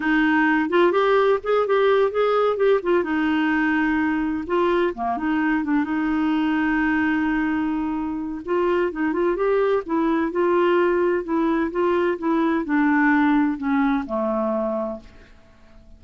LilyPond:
\new Staff \with { instrumentName = "clarinet" } { \time 4/4 \tempo 4 = 128 dis'4. f'8 g'4 gis'8 g'8~ | g'8 gis'4 g'8 f'8 dis'4.~ | dis'4. f'4 ais8 dis'4 | d'8 dis'2.~ dis'8~ |
dis'2 f'4 dis'8 f'8 | g'4 e'4 f'2 | e'4 f'4 e'4 d'4~ | d'4 cis'4 a2 | }